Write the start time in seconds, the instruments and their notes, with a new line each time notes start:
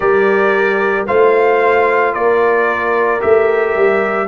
0.00 tuba G3, trombone G4, horn A#4, trumpet D5
1.06 tuba A3, trombone F4, horn C5, trumpet F5
2.14 tuba A#3, horn A#4, trumpet D5
3.19 tuba A3, trombone G4, trumpet E5
3.75 tuba G3